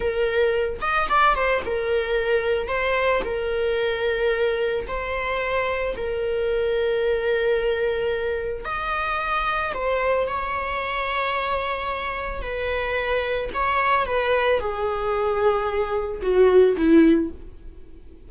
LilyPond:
\new Staff \with { instrumentName = "viola" } { \time 4/4 \tempo 4 = 111 ais'4. dis''8 d''8 c''8 ais'4~ | ais'4 c''4 ais'2~ | ais'4 c''2 ais'4~ | ais'1 |
dis''2 c''4 cis''4~ | cis''2. b'4~ | b'4 cis''4 b'4 gis'4~ | gis'2 fis'4 e'4 | }